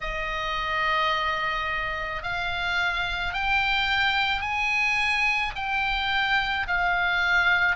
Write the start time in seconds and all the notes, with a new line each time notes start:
0.01 D#5
2.22 F5
3.33 G5
4.41 G#5
5.55 G5
6.67 F5